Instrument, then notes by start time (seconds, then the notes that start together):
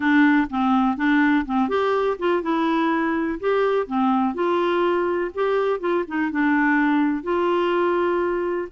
clarinet
0.00 D4
0.50 C4
0.96 D4
1.45 C4
1.68 G4
2.18 F4
2.42 E4
3.39 G4
3.86 C4
4.34 F4
5.34 G4
5.80 F4
6.07 D#4
6.31 D4
7.23 F4